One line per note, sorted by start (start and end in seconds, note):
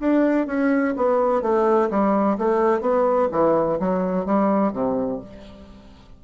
0.00 0.47 D4
0.47 0.94 C#4
0.97 1.43 B3
1.43 1.90 A3
1.91 2.38 G3
2.39 2.81 A3
2.81 3.29 B3
3.32 3.79 E3
3.80 4.26 F#3
4.26 4.73 G3
4.73 5.20 C3